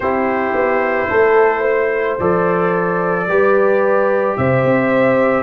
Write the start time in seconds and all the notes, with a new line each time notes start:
0.00 C4 E4 G4 C5
0.54 B3
1.09 A3 A4
1.61 C5
2.19 F3 A4 D5
3.26 G3 G4 B4
4.36 C3 C5 E5
4.64 C4